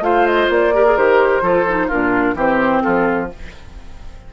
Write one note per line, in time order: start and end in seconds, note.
0.00 0.47 A3
0.00 0.73 F4
0.00 0.74 C5
0.00 0.26 F5
0.26 0.50 D#5
0.49 0.96 A#3
0.49 0.97 D5
0.73 0.85 G4
0.73 1.43 A#4
0.85 0.97 G#4
0.96 1.41 D#3
0.96 1.42 G4
0.96 1.89 C5
1.41 1.88 F3
1.41 1.65 F4
1.41 1.87 A4
1.68 1.90 D#4
1.87 2.34 A#2
1.87 2.36 D4
1.87 2.34 F4
1.87 2.36 A#4
2.34 2.81 E3
2.34 3.29 C4
2.34 2.83 G4
2.34 2.82 C5
2.82 3.33 F3
2.82 3.30 F4
2.82 3.29 A4